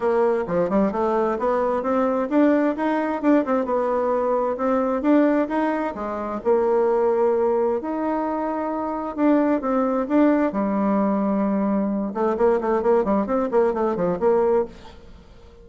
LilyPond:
\new Staff \with { instrumentName = "bassoon" } { \time 4/4 \tempo 4 = 131 ais4 f8 g8 a4 b4 | c'4 d'4 dis'4 d'8 c'8 | b2 c'4 d'4 | dis'4 gis4 ais2~ |
ais4 dis'2. | d'4 c'4 d'4 g4~ | g2~ g8 a8 ais8 a8 | ais8 g8 c'8 ais8 a8 f8 ais4 | }